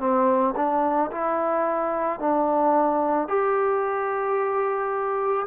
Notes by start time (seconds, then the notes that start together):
0.00 C4
0.57 D4
1.12 E4
2.20 D4
3.29 G4